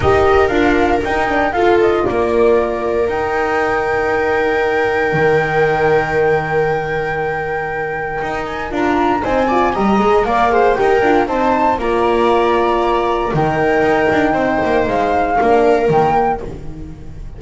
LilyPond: <<
  \new Staff \with { instrumentName = "flute" } { \time 4/4 \tempo 4 = 117 dis''4 f''4 g''4 f''8 dis''8 | d''2 g''2~ | g''1~ | g''1~ |
g''8 gis''8 ais''4 gis''4 ais''4 | f''4 g''4 a''4 ais''4~ | ais''2 g''2~ | g''4 f''2 g''4 | }
  \new Staff \with { instrumentName = "viola" } { \time 4/4 ais'2. a'4 | ais'1~ | ais'1~ | ais'1~ |
ais'2 c''8 d''8 dis''4 | d''8 c''8 ais'4 c''4 d''4~ | d''2 ais'2 | c''2 ais'2 | }
  \new Staff \with { instrumentName = "horn" } { \time 4/4 g'4 f'4 dis'8 d'8 f'4~ | f'2 dis'2~ | dis'1~ | dis'1~ |
dis'4 f'4 dis'8 f'8 g'8 gis'8 | ais'8 gis'8 g'8 f'8 dis'4 f'4~ | f'2 dis'2~ | dis'2 d'4 ais4 | }
  \new Staff \with { instrumentName = "double bass" } { \time 4/4 dis'4 d'4 dis'4 f'4 | ais2 dis'2~ | dis'2 dis2~ | dis1 |
dis'4 d'4 c'4 g8 gis8 | ais4 dis'8 d'8 c'4 ais4~ | ais2 dis4 dis'8 d'8 | c'8 ais8 gis4 ais4 dis4 | }
>>